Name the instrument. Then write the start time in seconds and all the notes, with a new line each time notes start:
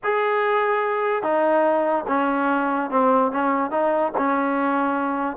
trombone
0.03 G#4
1.22 D#4
2.07 C#4
2.90 C4
3.31 C#4
3.70 D#4
4.17 C#4